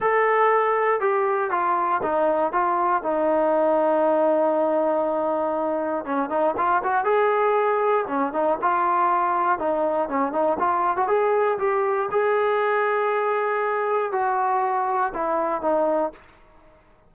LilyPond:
\new Staff \with { instrumentName = "trombone" } { \time 4/4 \tempo 4 = 119 a'2 g'4 f'4 | dis'4 f'4 dis'2~ | dis'1 | cis'8 dis'8 f'8 fis'8 gis'2 |
cis'8 dis'8 f'2 dis'4 | cis'8 dis'8 f'8. fis'16 gis'4 g'4 | gis'1 | fis'2 e'4 dis'4 | }